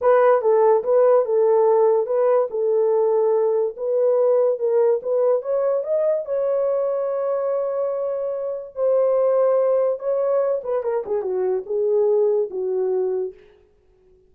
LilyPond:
\new Staff \with { instrumentName = "horn" } { \time 4/4 \tempo 4 = 144 b'4 a'4 b'4 a'4~ | a'4 b'4 a'2~ | a'4 b'2 ais'4 | b'4 cis''4 dis''4 cis''4~ |
cis''1~ | cis''4 c''2. | cis''4. b'8 ais'8 gis'8 fis'4 | gis'2 fis'2 | }